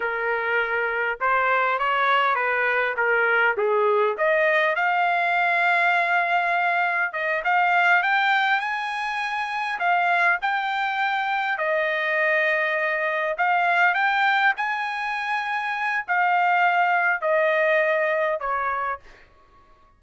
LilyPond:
\new Staff \with { instrumentName = "trumpet" } { \time 4/4 \tempo 4 = 101 ais'2 c''4 cis''4 | b'4 ais'4 gis'4 dis''4 | f''1 | dis''8 f''4 g''4 gis''4.~ |
gis''8 f''4 g''2 dis''8~ | dis''2~ dis''8 f''4 g''8~ | g''8 gis''2~ gis''8 f''4~ | f''4 dis''2 cis''4 | }